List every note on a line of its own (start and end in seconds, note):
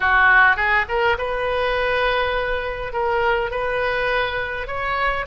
0.00 0.56 F#4
0.56 0.85 G#4
0.88 1.17 A#4
1.18 2.92 B4
2.93 3.50 A#4
3.50 4.67 B4
4.67 5.25 C#5